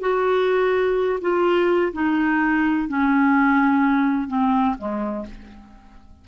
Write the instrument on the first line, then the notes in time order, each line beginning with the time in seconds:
clarinet
0.00 F#4
1.21 F4
1.93 D#4
2.88 C#4
4.28 C4
4.78 G#3